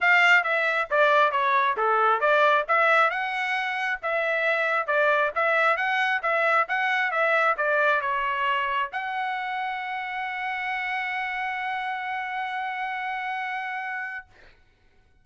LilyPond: \new Staff \with { instrumentName = "trumpet" } { \time 4/4 \tempo 4 = 135 f''4 e''4 d''4 cis''4 | a'4 d''4 e''4 fis''4~ | fis''4 e''2 d''4 | e''4 fis''4 e''4 fis''4 |
e''4 d''4 cis''2 | fis''1~ | fis''1~ | fis''1 | }